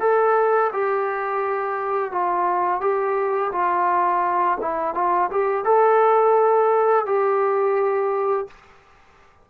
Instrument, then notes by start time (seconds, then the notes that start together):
trombone
0.00 A4
0.73 G4
2.11 F4
2.80 G4
3.52 F4
4.61 E4
4.94 F4
5.31 G4
5.65 A4
7.06 G4